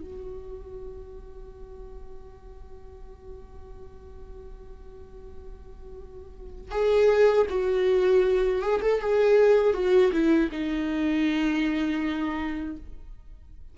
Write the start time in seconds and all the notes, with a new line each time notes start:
0.00 F#4
6.71 G#4
7.49 F#4
8.61 G#4
8.81 A4
9.00 G#4
9.73 F#4
10.12 E4
10.51 D#4